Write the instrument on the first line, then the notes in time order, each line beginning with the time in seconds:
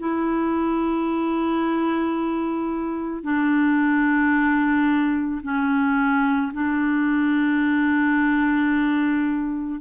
clarinet
0.00 E4
3.23 D4
5.43 C#4
6.54 D4